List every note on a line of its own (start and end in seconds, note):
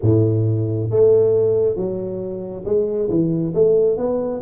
0.02 0.90 A2
0.90 1.76 A3
1.76 2.64 F#3
2.65 3.09 G#3
3.09 3.53 E3
3.54 3.97 A3
3.97 4.41 B3